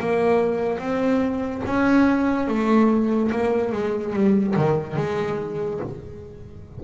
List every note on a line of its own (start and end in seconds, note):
0.00 0.79 A#3
0.79 1.62 C4
1.66 2.48 C#4
2.48 3.31 A3
3.31 3.72 A#3
3.72 4.13 G#3
4.13 4.55 G3
4.56 4.97 D#3
4.97 5.80 G#3